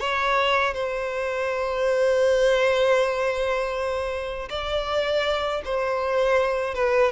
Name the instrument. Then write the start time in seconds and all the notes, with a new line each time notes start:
violin
0.00 C#5
0.74 C5
4.50 D5
5.65 C5
6.75 B4